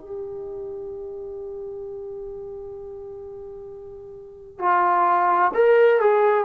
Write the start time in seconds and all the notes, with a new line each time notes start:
0.00 G4
4.59 F4
5.54 A#4
6.00 G#4